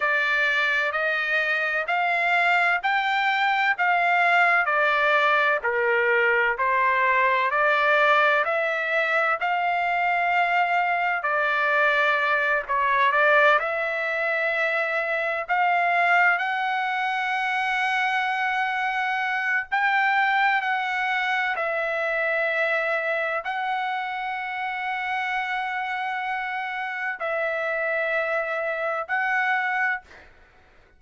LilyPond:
\new Staff \with { instrumentName = "trumpet" } { \time 4/4 \tempo 4 = 64 d''4 dis''4 f''4 g''4 | f''4 d''4 ais'4 c''4 | d''4 e''4 f''2 | d''4. cis''8 d''8 e''4.~ |
e''8 f''4 fis''2~ fis''8~ | fis''4 g''4 fis''4 e''4~ | e''4 fis''2.~ | fis''4 e''2 fis''4 | }